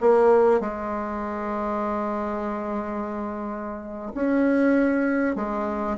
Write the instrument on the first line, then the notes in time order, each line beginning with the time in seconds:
bassoon
0.00 A#3
0.60 G#3
4.14 C#4
5.36 G#3